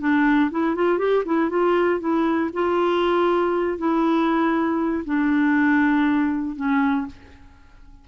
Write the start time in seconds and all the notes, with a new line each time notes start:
0.00 D4
0.51 E4
0.75 F4
0.98 G4
1.25 E4
1.49 F4
2.00 E4
2.53 F4
3.78 E4
5.05 D4
6.56 C#4